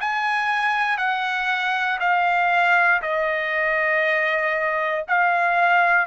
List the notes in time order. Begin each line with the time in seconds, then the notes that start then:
0.00 G#5
0.97 F#5
2.00 F5
3.01 D#5
5.08 F5